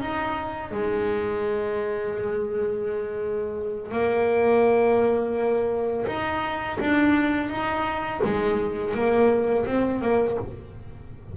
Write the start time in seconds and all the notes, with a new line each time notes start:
0.00 D#4
0.71 G#3
3.91 A#3
6.06 D#4
6.80 D4
7.49 D#4
8.23 G#3
8.94 A#3
9.66 C4
10.01 A#3